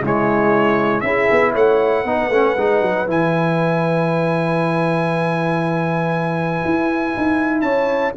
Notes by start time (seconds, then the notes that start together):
0.00 C#3 G#3 E4
0.06 C#5
1.00 C#4 E4 G#4 E5
1.31 B3
1.52 A3 C#5 F#5
2.03 B3 D#4 B4
2.29 A3 C#4
2.56 G#3 D#4
2.82 F#3
3.07 E3 E4 G#5
6.64 E4
7.17 D#4
7.61 C#4 C#5 A5